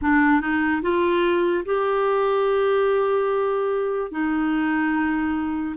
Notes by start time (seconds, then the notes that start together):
0.01 D4
0.40 D#4
0.82 F4
1.65 G4
4.11 D#4